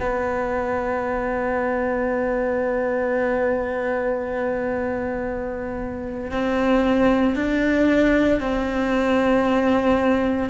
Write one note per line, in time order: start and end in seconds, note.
0.00 6.31 B3
6.31 7.35 C4
7.35 8.40 D4
8.40 10.49 C4